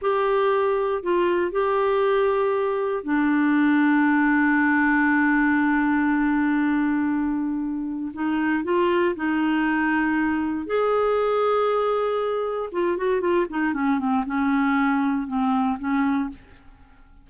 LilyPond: \new Staff \with { instrumentName = "clarinet" } { \time 4/4 \tempo 4 = 118 g'2 f'4 g'4~ | g'2 d'2~ | d'1~ | d'1 |
dis'4 f'4 dis'2~ | dis'4 gis'2.~ | gis'4 f'8 fis'8 f'8 dis'8 cis'8 c'8 | cis'2 c'4 cis'4 | }